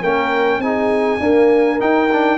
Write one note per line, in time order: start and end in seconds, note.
0.00 0.58 A#3
0.00 0.62 C#4
0.00 0.59 A#4
0.00 0.61 G5
0.58 1.18 C4
0.58 1.19 D#4
0.58 1.20 G#4
0.58 1.79 G#5
1.19 1.79 A#3
1.19 1.79 D4
1.19 2.37 A#4
1.79 2.08 D#4
1.79 2.37 D#4
1.79 2.37 G5
2.11 2.37 D4